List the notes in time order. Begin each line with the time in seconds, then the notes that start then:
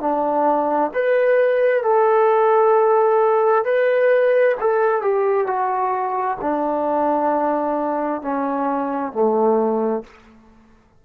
0.00 D4
0.94 B4
1.83 A4
3.64 B4
4.60 A4
5.02 G4
5.47 F#4
6.41 D4
8.22 C#4
9.12 A3